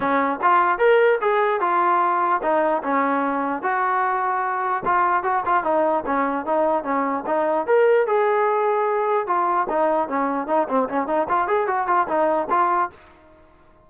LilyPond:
\new Staff \with { instrumentName = "trombone" } { \time 4/4 \tempo 4 = 149 cis'4 f'4 ais'4 gis'4 | f'2 dis'4 cis'4~ | cis'4 fis'2. | f'4 fis'8 f'8 dis'4 cis'4 |
dis'4 cis'4 dis'4 ais'4 | gis'2. f'4 | dis'4 cis'4 dis'8 c'8 cis'8 dis'8 | f'8 gis'8 fis'8 f'8 dis'4 f'4 | }